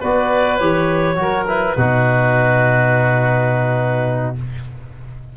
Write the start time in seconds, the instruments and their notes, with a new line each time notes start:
0.00 tuba B3, trombone F#4, oboe B4, clarinet D5
0.58 tuba E3, trombone G4, clarinet C#5
1.16 tuba F#3, trombone F#4, oboe A#4
1.47 trombone E4, clarinet B4
1.77 tuba B2, trombone D#4, oboe F#4